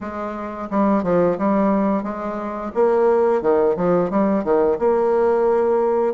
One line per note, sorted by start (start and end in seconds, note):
0.00 0.68 G#3
0.70 1.03 G3
1.03 1.37 F3
1.38 2.03 G3
2.03 2.71 G#3
2.74 3.41 A#3
3.41 3.75 D#3
3.76 4.10 F3
4.10 4.43 G3
4.43 4.78 D#3
4.78 6.14 A#3